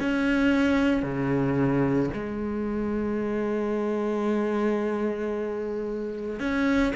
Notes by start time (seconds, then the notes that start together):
0.00 C#4
1.02 C#3
2.14 G#3
6.39 C#4